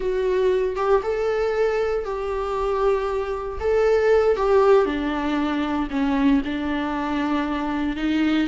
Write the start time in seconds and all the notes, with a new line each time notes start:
0.00 F#4
0.76 G4
1.02 A4
2.04 G4
3.60 A4
4.36 G4
4.85 D4
5.90 C#4
6.45 D4
7.96 D#4